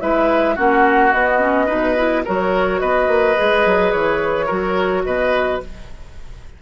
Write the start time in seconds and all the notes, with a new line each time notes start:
0.00 G#3 E4 B4 E5
0.55 A#3 C#4 F#4 F#5
1.12 B3 D#5
1.39 C#4
1.66 B2 D#4 B4
1.96 E4
2.25 F#3 F#4 A#4 C#5
2.80 B3 B4 D#5
3.07 A#3
3.36 G#3 G#4
3.65 F#3
3.92 E3 C#5
4.46 F#3 F#4 A#4
5.05 B2 B4 D#5